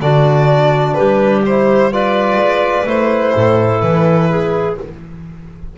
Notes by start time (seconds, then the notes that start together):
0.00 D3 D4 F#4 D5
0.94 G3 G4 B4
1.45 E4 C5
1.92 F4 B4 D5
2.37 G#3
2.86 A3 E4 C5
3.35 A2 A4
3.81 E3 B4
4.30 G#4